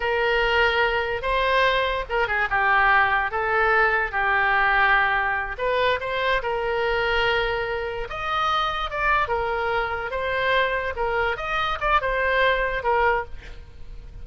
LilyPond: \new Staff \with { instrumentName = "oboe" } { \time 4/4 \tempo 4 = 145 ais'2. c''4~ | c''4 ais'8 gis'8 g'2 | a'2 g'2~ | g'4. b'4 c''4 ais'8~ |
ais'2.~ ais'8 dis''8~ | dis''4. d''4 ais'4.~ | ais'8 c''2 ais'4 dis''8~ | dis''8 d''8 c''2 ais'4 | }